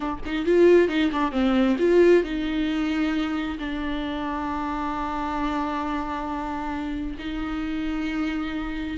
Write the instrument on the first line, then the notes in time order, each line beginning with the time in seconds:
viola
0.00 D4
0.25 D#4
0.45 F4
0.88 D#4
1.12 D4
1.31 C4
1.78 F4
2.23 D#4
3.59 D4
7.18 D#4